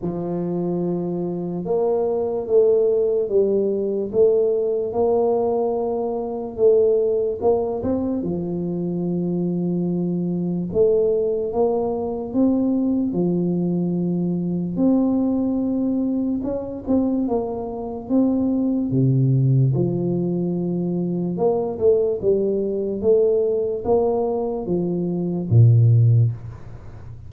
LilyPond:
\new Staff \with { instrumentName = "tuba" } { \time 4/4 \tempo 4 = 73 f2 ais4 a4 | g4 a4 ais2 | a4 ais8 c'8 f2~ | f4 a4 ais4 c'4 |
f2 c'2 | cis'8 c'8 ais4 c'4 c4 | f2 ais8 a8 g4 | a4 ais4 f4 ais,4 | }